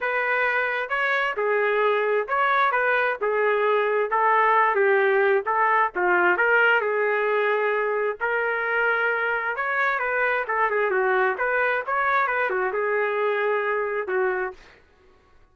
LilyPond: \new Staff \with { instrumentName = "trumpet" } { \time 4/4 \tempo 4 = 132 b'2 cis''4 gis'4~ | gis'4 cis''4 b'4 gis'4~ | gis'4 a'4. g'4. | a'4 f'4 ais'4 gis'4~ |
gis'2 ais'2~ | ais'4 cis''4 b'4 a'8 gis'8 | fis'4 b'4 cis''4 b'8 fis'8 | gis'2. fis'4 | }